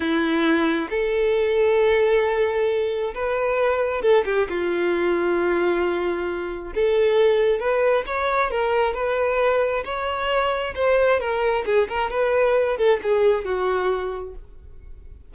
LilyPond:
\new Staff \with { instrumentName = "violin" } { \time 4/4 \tempo 4 = 134 e'2 a'2~ | a'2. b'4~ | b'4 a'8 g'8 f'2~ | f'2. a'4~ |
a'4 b'4 cis''4 ais'4 | b'2 cis''2 | c''4 ais'4 gis'8 ais'8 b'4~ | b'8 a'8 gis'4 fis'2 | }